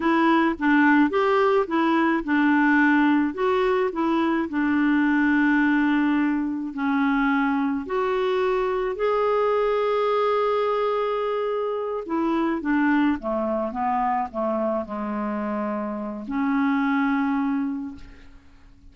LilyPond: \new Staff \with { instrumentName = "clarinet" } { \time 4/4 \tempo 4 = 107 e'4 d'4 g'4 e'4 | d'2 fis'4 e'4 | d'1 | cis'2 fis'2 |
gis'1~ | gis'4. e'4 d'4 a8~ | a8 b4 a4 gis4.~ | gis4 cis'2. | }